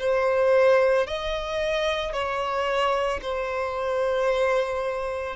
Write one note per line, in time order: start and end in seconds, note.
0.00 1.07 C5
1.07 2.13 D#5
2.13 3.20 C#5
3.22 5.36 C5